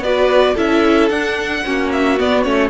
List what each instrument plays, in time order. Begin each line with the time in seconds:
0.00 cello B3, viola F#4, violin B4 D5
0.54 cello C#4, viola E4, violin A4 E5
1.09 cello D4, viola D4, violin F#5
1.65 cello A#3, viola C#4, violin F#4
1.92 violin E5
2.18 viola B3, cello B3, violin D5
2.43 cello A3, viola C#4, violin C#5